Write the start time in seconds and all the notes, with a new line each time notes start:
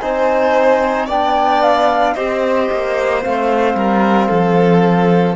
0.00 C4 D#4 C5 G#5
1.07 B3 D4 D5 G5
1.63 F5
2.15 C4 G4 C5 D#5
2.72 A#3
3.23 A3 C4 F5
3.75 G3 A#4
4.29 F3 A4